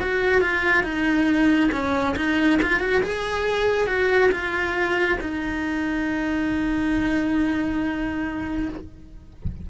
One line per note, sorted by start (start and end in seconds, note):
0.00 0.42 F#4
0.42 0.83 F4
0.83 1.70 D#4
1.72 2.15 C#4
2.16 2.59 D#4
2.62 2.80 F4
2.80 3.02 F#4
3.02 3.87 G#4
3.87 4.30 F#4
4.31 5.18 F4
5.21 8.69 D#4